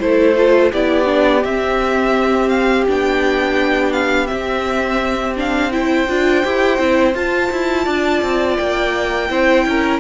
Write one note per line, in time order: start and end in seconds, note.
0.00 0.73 A3
0.00 0.36 E4
0.00 0.72 A4
0.00 0.72 C5
0.37 0.73 F4
0.72 1.45 B3
0.72 1.06 E4
0.72 5.72 G4
0.72 1.45 D5
1.06 1.42 D4
1.45 2.88 C4
1.45 2.49 E5
2.49 2.85 F5
2.88 4.32 B3
2.88 4.28 D4
2.88 3.93 G5
3.93 4.27 F5
4.27 5.35 C4
4.27 6.10 C4
4.27 5.35 E5
5.37 5.72 D4
5.37 5.72 F5
5.72 6.07 E4
5.72 7.85 C5
5.72 7.15 G5
6.09 6.45 D4
6.09 6.44 F4
6.44 6.79 E4
6.44 6.79 G4
6.79 7.15 C4
6.79 7.15 E4
7.15 7.51 F4
7.15 9.30 F4
7.15 8.57 A5
7.52 7.87 E4
7.85 8.22 D4
7.85 9.28 D5
8.22 8.58 C4
8.57 9.31 A#3
8.57 10.00 G5
9.30 9.66 C4
9.30 10.01 E4
9.30 9.67 C5
9.66 10.01 C#4
9.66 10.01 A#4